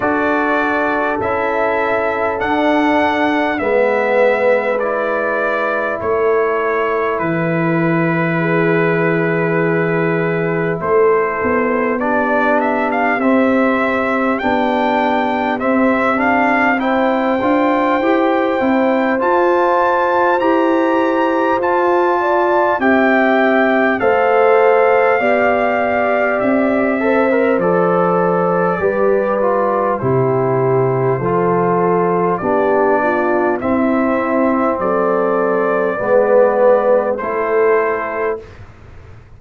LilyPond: <<
  \new Staff \with { instrumentName = "trumpet" } { \time 4/4 \tempo 4 = 50 d''4 e''4 fis''4 e''4 | d''4 cis''4 b'2~ | b'4 c''4 d''8 e''16 f''16 e''4 | g''4 e''8 f''8 g''2 |
a''4 ais''4 a''4 g''4 | f''2 e''4 d''4~ | d''4 c''2 d''4 | e''4 d''2 c''4 | }
  \new Staff \with { instrumentName = "horn" } { \time 4/4 a'2. b'4~ | b'4 a'2 gis'4~ | gis'4 a'4 g'2~ | g'2 c''2~ |
c''2~ c''8 d''8 e''4 | c''4 d''4. c''4. | b'4 g'4 a'4 g'8 f'8 | e'4 a'4 b'4 a'4 | }
  \new Staff \with { instrumentName = "trombone" } { \time 4/4 fis'4 e'4 d'4 b4 | e'1~ | e'2 d'4 c'4 | d'4 c'8 d'8 e'8 f'8 g'8 e'8 |
f'4 g'4 f'4 g'4 | a'4 g'4. a'16 ais'16 a'4 | g'8 f'8 e'4 f'4 d'4 | c'2 b4 e'4 | }
  \new Staff \with { instrumentName = "tuba" } { \time 4/4 d'4 cis'4 d'4 gis4~ | gis4 a4 e2~ | e4 a8 b4. c'4 | b4 c'4. d'8 e'8 c'8 |
f'4 e'4 f'4 c'4 | a4 b4 c'4 f4 | g4 c4 f4 b4 | c'4 fis4 gis4 a4 | }
>>